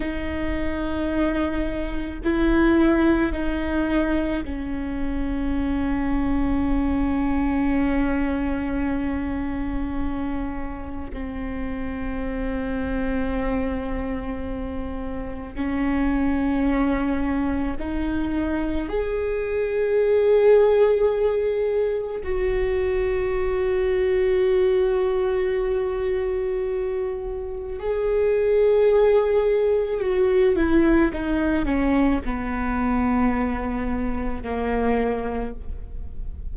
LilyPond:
\new Staff \with { instrumentName = "viola" } { \time 4/4 \tempo 4 = 54 dis'2 e'4 dis'4 | cis'1~ | cis'2 c'2~ | c'2 cis'2 |
dis'4 gis'2. | fis'1~ | fis'4 gis'2 fis'8 e'8 | dis'8 cis'8 b2 ais4 | }